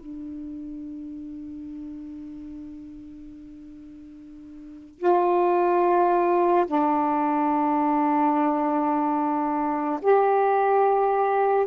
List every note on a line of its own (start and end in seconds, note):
0.00 4.99 D4
4.99 6.66 F4
6.67 10.01 D4
10.02 11.67 G4